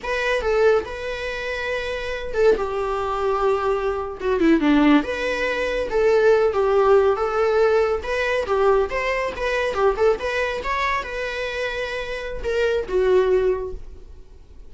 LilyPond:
\new Staff \with { instrumentName = "viola" } { \time 4/4 \tempo 4 = 140 b'4 a'4 b'2~ | b'4. a'8 g'2~ | g'4.~ g'16 fis'8 e'8 d'4 b'16~ | b'4.~ b'16 a'4. g'8.~ |
g'8. a'2 b'4 g'16~ | g'8. c''4 b'4 g'8 a'8 b'16~ | b'8. cis''4 b'2~ b'16~ | b'4 ais'4 fis'2 | }